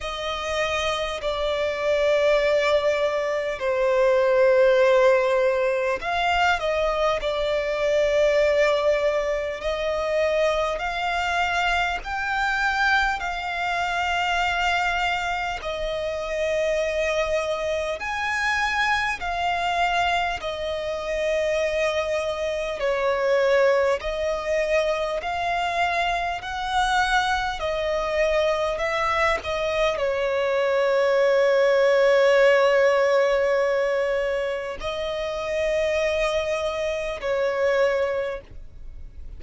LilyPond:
\new Staff \with { instrumentName = "violin" } { \time 4/4 \tempo 4 = 50 dis''4 d''2 c''4~ | c''4 f''8 dis''8 d''2 | dis''4 f''4 g''4 f''4~ | f''4 dis''2 gis''4 |
f''4 dis''2 cis''4 | dis''4 f''4 fis''4 dis''4 | e''8 dis''8 cis''2.~ | cis''4 dis''2 cis''4 | }